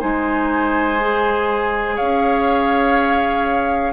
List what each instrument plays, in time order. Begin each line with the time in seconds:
0.00 bassoon G#3, clarinet D#4, oboe C5, flute G#5
1.00 clarinet G#4
1.96 bassoon C#4, oboe C#5, flute F5